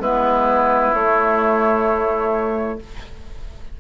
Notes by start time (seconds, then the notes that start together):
0.00 G#3 B3 E4 B4
0.94 A3 C#5